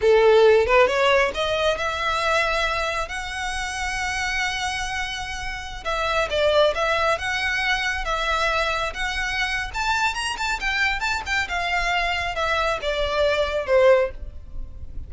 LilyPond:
\new Staff \with { instrumentName = "violin" } { \time 4/4 \tempo 4 = 136 a'4. b'8 cis''4 dis''4 | e''2. fis''4~ | fis''1~ | fis''4~ fis''16 e''4 d''4 e''8.~ |
e''16 fis''2 e''4.~ e''16~ | e''16 fis''4.~ fis''16 a''4 ais''8 a''8 | g''4 a''8 g''8 f''2 | e''4 d''2 c''4 | }